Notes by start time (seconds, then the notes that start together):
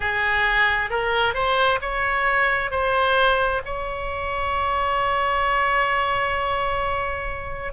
0.00 G#4
0.90 A#4
1.33 C5
1.81 C#5
2.70 C5
3.65 C#5